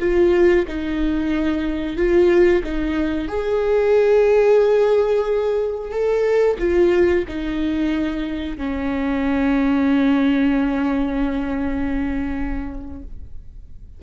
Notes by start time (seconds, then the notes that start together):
0.00 F4
0.68 D#4
1.97 F4
2.64 D#4
3.28 G#4
5.91 A4
6.59 F4
7.28 D#4
8.57 C#4